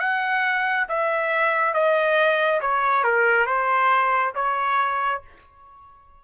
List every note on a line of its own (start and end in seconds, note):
0.00 0.87 F#5
0.89 1.74 E5
1.74 2.61 D#5
2.61 3.04 C#5
3.04 3.46 A#4
3.46 4.33 C5
4.35 5.22 C#5